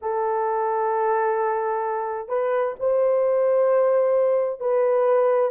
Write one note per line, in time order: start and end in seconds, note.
0.01 2.28 A4
2.28 2.74 B4
2.79 4.59 C5
4.59 5.51 B4